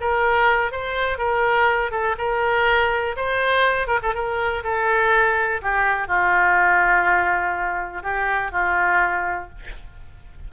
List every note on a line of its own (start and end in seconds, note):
0.00 0.71 A#4
0.71 1.18 C5
1.18 1.91 A#4
1.91 2.15 A4
2.18 3.15 A#4
3.16 3.87 C5
3.87 3.99 A#4
4.02 4.14 A4
4.14 4.63 A#4
4.63 5.61 A4
5.61 6.07 G4
6.07 8.02 F4
8.02 8.51 G4
8.51 9.49 F4